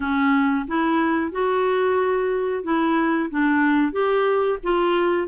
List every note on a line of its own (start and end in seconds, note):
0.00 0.66 C#4
0.67 1.31 E4
1.31 2.63 F#4
2.63 3.29 E4
3.30 3.92 D4
3.92 4.58 G4
4.63 5.27 F4